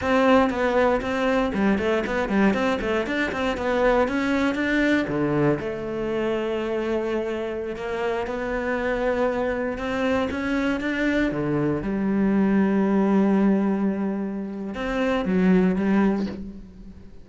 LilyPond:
\new Staff \with { instrumentName = "cello" } { \time 4/4 \tempo 4 = 118 c'4 b4 c'4 g8 a8 | b8 g8 c'8 a8 d'8 c'8 b4 | cis'4 d'4 d4 a4~ | a2.~ a16 ais8.~ |
ais16 b2. c'8.~ | c'16 cis'4 d'4 d4 g8.~ | g1~ | g4 c'4 fis4 g4 | }